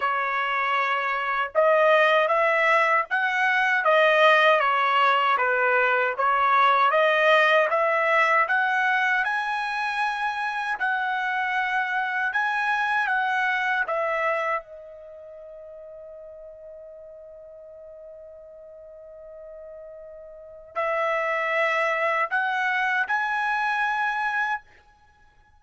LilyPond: \new Staff \with { instrumentName = "trumpet" } { \time 4/4 \tempo 4 = 78 cis''2 dis''4 e''4 | fis''4 dis''4 cis''4 b'4 | cis''4 dis''4 e''4 fis''4 | gis''2 fis''2 |
gis''4 fis''4 e''4 dis''4~ | dis''1~ | dis''2. e''4~ | e''4 fis''4 gis''2 | }